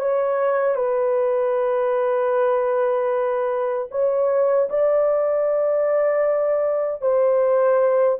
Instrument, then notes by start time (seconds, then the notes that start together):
horn
0.00 C#5
0.76 B4
3.91 C#5
4.70 D5
7.02 C5